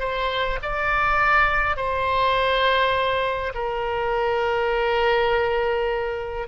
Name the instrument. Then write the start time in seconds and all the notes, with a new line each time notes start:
oboe
0.00 C5
0.63 D5
1.77 C5
3.55 A#4